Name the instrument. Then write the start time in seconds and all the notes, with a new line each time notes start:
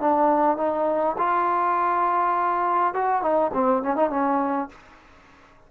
trombone
0.00 D4
0.57 D#4
1.18 F4
2.94 F#4
3.22 D#4
3.53 C4
3.83 C#4
3.96 D#4
4.10 C#4